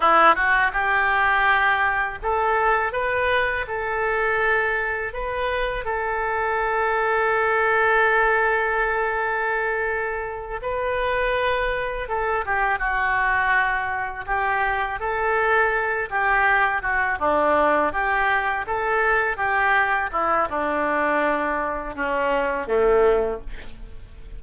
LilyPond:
\new Staff \with { instrumentName = "oboe" } { \time 4/4 \tempo 4 = 82 e'8 fis'8 g'2 a'4 | b'4 a'2 b'4 | a'1~ | a'2~ a'8 b'4.~ |
b'8 a'8 g'8 fis'2 g'8~ | g'8 a'4. g'4 fis'8 d'8~ | d'8 g'4 a'4 g'4 e'8 | d'2 cis'4 a4 | }